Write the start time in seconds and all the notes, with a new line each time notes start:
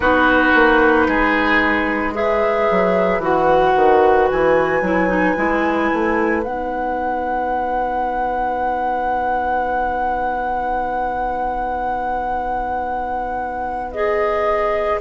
0.00 B3 D#4 F#4 B4
0.54 A#3
1.07 G#3 G#4
2.13 G#4 B4 E5
2.71 F#3
3.19 E3 F#4 F#5
3.75 D#3
4.27 E3 G#5
4.81 F#3 E4
5.08 D#4
5.36 G#3 E4
5.92 A3
6.42 B3 D#4 F#5
13.92 G#4 D#5